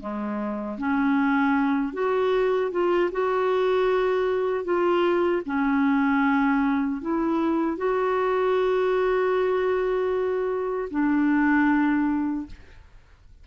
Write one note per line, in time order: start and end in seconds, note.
0.00 0.78 G#3
0.78 1.93 C#4
1.93 2.71 F#4
2.72 3.11 F4
3.12 4.64 F#4
4.64 5.42 F4
5.46 7.01 C#4
7.01 7.77 E4
7.77 10.89 F#4
10.91 12.46 D4